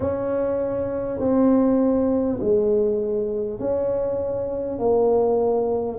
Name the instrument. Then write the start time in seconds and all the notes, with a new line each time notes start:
tuba
0.00 C#4
1.19 C4
2.40 G#3
3.59 C#4
4.78 A#3